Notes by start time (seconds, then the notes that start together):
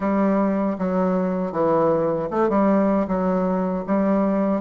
0.00 G3
0.78 F#3
1.52 E3
2.30 A3
2.49 G3
3.07 F#3
3.86 G3